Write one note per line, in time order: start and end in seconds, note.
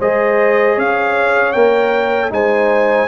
0.00 0.78 G#3
0.00 1.54 G#4
0.00 0.75 C5
0.00 0.79 D#5
0.75 1.55 C#4
0.75 2.31 C#5
0.75 1.52 F5
1.52 2.31 A#3
1.52 2.30 A#4
1.52 2.30 G5
2.30 3.08 G#3
2.30 3.08 D#4
2.30 3.08 C5
2.30 3.08 G#5